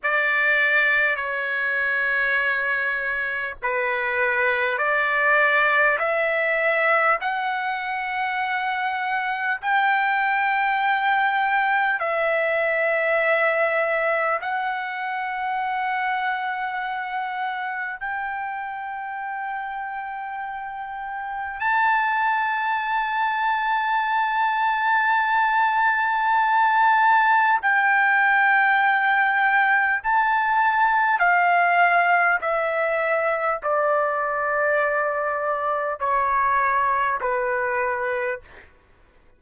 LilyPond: \new Staff \with { instrumentName = "trumpet" } { \time 4/4 \tempo 4 = 50 d''4 cis''2 b'4 | d''4 e''4 fis''2 | g''2 e''2 | fis''2. g''4~ |
g''2 a''2~ | a''2. g''4~ | g''4 a''4 f''4 e''4 | d''2 cis''4 b'4 | }